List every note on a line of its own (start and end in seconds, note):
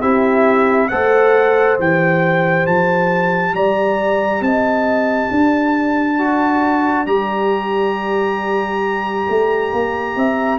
0.00 0.90 C4
0.00 0.90 E4
0.00 0.88 G4
0.00 0.88 E5
0.88 1.78 A3
0.88 1.78 A4
0.88 3.54 C5
0.88 1.76 F#5
1.78 2.67 E3
1.78 6.18 G4
1.78 2.66 G5
2.66 3.53 F3
2.66 3.54 A5
3.53 4.40 G3
3.53 4.42 D5
3.53 4.43 A#5
4.40 5.29 C4
4.40 5.31 D#5
4.40 7.06 A5
5.30 7.06 D4
5.30 10.16 D5
6.18 7.06 F#4
7.06 9.27 G3
7.06 10.58 G4
7.06 10.58 A#5
9.28 9.73 A3
9.73 10.16 A#3
10.16 10.58 C4
10.16 10.58 E5